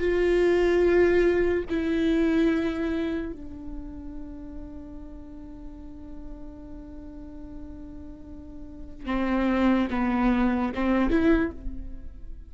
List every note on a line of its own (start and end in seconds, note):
0.00 1.64 F4
1.70 3.33 E4
3.33 9.06 D4
9.06 9.89 C4
9.91 10.73 B3
10.75 11.10 C4
11.10 11.51 E4